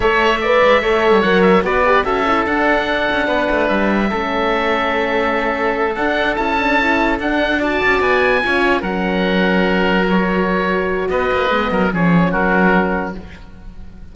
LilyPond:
<<
  \new Staff \with { instrumentName = "oboe" } { \time 4/4 \tempo 4 = 146 e''2. fis''8 e''8 | d''4 e''4 fis''2~ | fis''4 e''2.~ | e''2~ e''8 fis''4 a''8~ |
a''4. fis''4 a''4 gis''8~ | gis''4. fis''2~ fis''8~ | fis''8 cis''2~ cis''8 dis''4~ | dis''4 cis''4 ais'2 | }
  \new Staff \with { instrumentName = "oboe" } { \time 4/4 cis''4 d''4 cis''2 | b'4 a'2. | b'2 a'2~ | a'1~ |
a'2~ a'8 d''4.~ | d''8 cis''4 ais'2~ ais'8~ | ais'2. b'4~ | b'8 ais'8 gis'4 fis'2 | }
  \new Staff \with { instrumentName = "horn" } { \time 4/4 a'4 b'4 a'4 ais'4 | fis'8 g'8 fis'8 e'8 d'2~ | d'2 cis'2~ | cis'2~ cis'8 d'4 e'8 |
d'8 e'4 d'4 fis'4.~ | fis'8 f'4 cis'2~ cis'8~ | cis'8 fis'2.~ fis'8 | b4 cis'2. | }
  \new Staff \with { instrumentName = "cello" } { \time 4/4 a4. gis8 a8. g16 fis4 | b4 cis'4 d'4. cis'8 | b8 a8 g4 a2~ | a2~ a8 d'4 cis'8~ |
cis'4. d'4. cis'8 b8~ | b8 cis'4 fis2~ fis8~ | fis2. b8 ais8 | gis8 fis8 f4 fis2 | }
>>